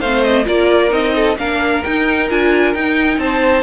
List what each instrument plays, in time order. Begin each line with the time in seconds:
0.00 cello A3, viola C4, violin C5 F5
0.24 violin D#5
0.45 cello A#3, viola F4, violin A#4 D5
0.90 cello C4, viola D#4, violin D#5
1.16 violin A4
1.39 cello A#3, viola D4, violin A#4 F5
1.84 viola D#4, cello D#4, violin G5
2.30 cello D4, viola F4, violin G#5
2.75 cello D#4, viola D#4, violin G5
3.19 cello C4, violin C5 A5